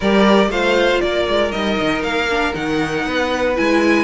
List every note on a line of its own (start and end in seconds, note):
0.00 0.49 G3
0.00 0.51 G4
0.00 0.48 A#4
0.00 0.51 D5
0.49 1.00 A3
0.49 1.51 F4
0.49 1.01 C5
0.49 1.00 F5
1.00 1.27 A#3
1.00 3.06 A#4
1.00 1.51 D5
1.27 1.53 G#3
1.51 1.79 G3
1.51 2.27 D#4
1.51 2.02 D#5
1.80 2.02 D#3
2.02 2.53 A#3
2.02 2.53 F5
2.29 2.53 D4
2.53 3.06 D#3
2.53 3.55 D#4
2.53 3.56 F#5
3.06 3.57 B3
3.06 4.04 B4
3.55 4.04 G#3
3.55 4.04 E4
3.55 4.04 G#5